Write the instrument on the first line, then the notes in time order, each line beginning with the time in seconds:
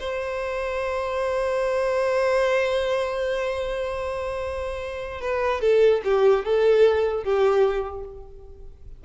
violin
0.00 C5
5.21 B4
5.61 A4
6.05 G4
6.45 A4
7.24 G4